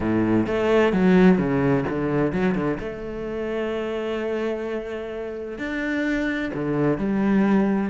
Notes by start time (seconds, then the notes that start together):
0.00 A2
0.47 A3
0.93 F#3
1.38 C#3
1.89 D3
2.32 F#3
2.54 D3
2.79 A3
5.58 D4
6.54 D3
6.98 G3